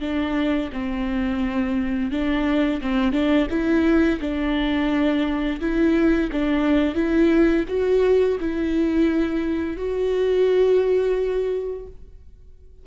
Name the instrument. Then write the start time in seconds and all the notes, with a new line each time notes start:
viola
0.00 D4
0.73 C4
2.11 D4
2.81 C4
3.12 D4
3.50 E4
4.21 D4
5.60 E4
6.32 D4
6.95 E4
7.68 F#4
8.40 E4
9.77 F#4